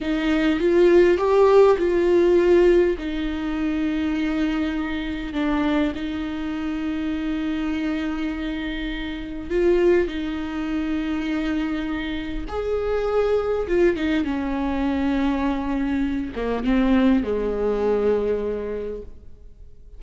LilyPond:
\new Staff \with { instrumentName = "viola" } { \time 4/4 \tempo 4 = 101 dis'4 f'4 g'4 f'4~ | f'4 dis'2.~ | dis'4 d'4 dis'2~ | dis'1 |
f'4 dis'2.~ | dis'4 gis'2 f'8 dis'8 | cis'2.~ cis'8 ais8 | c'4 gis2. | }